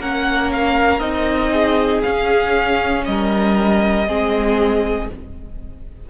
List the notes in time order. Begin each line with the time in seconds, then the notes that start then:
0.00 A#3 C#4 A#4 F#5
0.53 F5
1.00 C4 D#4 D#5
1.52 G#4
2.03 C#4 F5
3.06 G3 A#4 D#5
4.07 G#3 C4 G#4